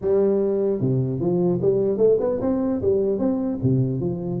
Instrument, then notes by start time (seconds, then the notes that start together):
tuba
0.01 G3
0.80 C3
1.19 F3
1.61 G3
1.97 A3
2.20 B3
2.41 C4
2.81 G3
3.18 C4
3.62 C3
4.00 F3